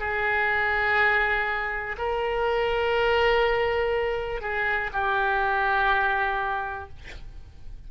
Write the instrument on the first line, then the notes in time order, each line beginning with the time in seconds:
oboe
0.00 G#4
1.99 A#4
4.42 G#4
4.93 G4